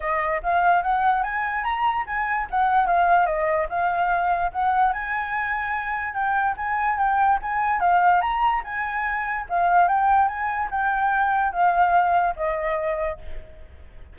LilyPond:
\new Staff \with { instrumentName = "flute" } { \time 4/4 \tempo 4 = 146 dis''4 f''4 fis''4 gis''4 | ais''4 gis''4 fis''4 f''4 | dis''4 f''2 fis''4 | gis''2. g''4 |
gis''4 g''4 gis''4 f''4 | ais''4 gis''2 f''4 | g''4 gis''4 g''2 | f''2 dis''2 | }